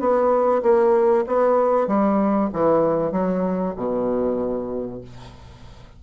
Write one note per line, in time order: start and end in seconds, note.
0.00 0.62 B3
0.63 1.25 A#3
1.27 1.88 B3
1.88 2.50 G3
2.53 3.12 E3
3.12 3.75 F#3
3.76 5.01 B2